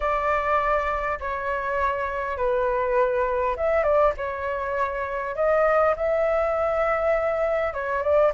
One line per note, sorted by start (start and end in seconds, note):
0.00 1.19 D5
1.20 2.37 C#5
2.37 3.55 B4
3.56 3.83 E5
3.83 4.12 D5
4.17 5.35 C#5
5.35 5.95 D#5
5.96 7.73 E5
7.73 8.02 C#5
8.02 8.32 D5